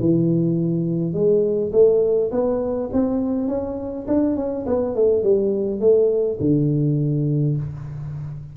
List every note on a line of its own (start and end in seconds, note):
0.00 1.13 E3
1.13 1.72 G#3
1.72 2.31 A3
2.32 2.90 B3
2.93 3.48 C4
3.48 4.06 C#4
4.08 4.37 D4
4.37 4.66 C#4
4.66 4.95 B3
4.95 5.23 A3
5.23 5.80 G3
5.80 6.39 A3
6.41 7.57 D3